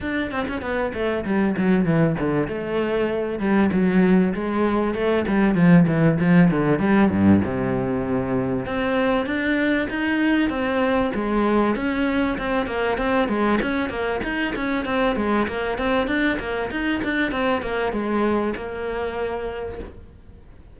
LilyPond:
\new Staff \with { instrumentName = "cello" } { \time 4/4 \tempo 4 = 97 d'8 c'16 cis'16 b8 a8 g8 fis8 e8 d8 | a4. g8 fis4 gis4 | a8 g8 f8 e8 f8 d8 g8 g,8 | c2 c'4 d'4 |
dis'4 c'4 gis4 cis'4 | c'8 ais8 c'8 gis8 cis'8 ais8 dis'8 cis'8 | c'8 gis8 ais8 c'8 d'8 ais8 dis'8 d'8 | c'8 ais8 gis4 ais2 | }